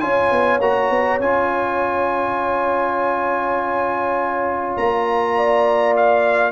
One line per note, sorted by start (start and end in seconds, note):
0.00 0.32 C#4
0.00 0.60 F4
0.00 5.36 C#5
0.00 0.59 G#5
0.32 0.61 B3
0.61 0.90 A#3
0.61 1.21 F#4
0.61 1.21 A#5
0.90 1.20 B3
1.20 4.76 C#4
1.20 6.52 F4
1.20 4.77 G#5
4.77 6.52 A#3
4.77 5.96 A#5
5.37 6.52 D5
5.97 6.52 F5